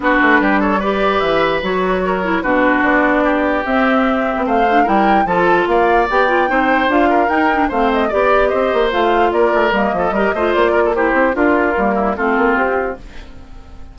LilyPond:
<<
  \new Staff \with { instrumentName = "flute" } { \time 4/4 \tempo 4 = 148 b'4. cis''8 d''4 e''4 | cis''2 b'4 d''4~ | d''4 e''2 f''4 | g''4 a''4 f''4 g''4~ |
g''4 f''4 g''4 f''8 dis''8 | d''4 dis''4 f''4 d''4 | dis''2 d''4 c''4 | ais'2 a'4 g'4 | }
  \new Staff \with { instrumentName = "oboe" } { \time 4/4 fis'4 g'8 a'8 b'2~ | b'4 ais'4 fis'2 | g'2. c''4 | ais'4 a'4 d''2 |
c''4. ais'4. c''4 | d''4 c''2 ais'4~ | ais'8 a'8 ais'8 c''4 ais'16 a'16 g'4 | f'4. e'8 f'2 | }
  \new Staff \with { instrumentName = "clarinet" } { \time 4/4 d'2 g'2 | fis'4. e'8 d'2~ | d'4 c'2~ c'8 d'8 | e'4 f'2 g'8 f'8 |
dis'4 f'4 dis'8 d'8 c'4 | g'2 f'2 | ais4 g'8 f'4. e'4 | f'4 ais4 c'2 | }
  \new Staff \with { instrumentName = "bassoon" } { \time 4/4 b8 a8 g2 e4 | fis2 b,4 b4~ | b4 c'4.~ c'16 b16 a4 | g4 f4 ais4 b4 |
c'4 d'4 dis'4 a4 | b4 c'8 ais8 a4 ais8 a8 | g8 f8 g8 a8 ais4. c'8 | d'4 g4 a8 ais8 c'4 | }
>>